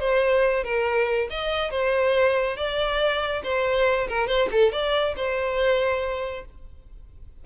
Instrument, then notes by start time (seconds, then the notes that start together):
violin
0.00 C5
0.64 A#4
1.30 D#5
1.71 C5
2.57 D5
3.44 C5
4.08 A#4
4.27 C5
4.52 A4
4.73 D5
5.17 C5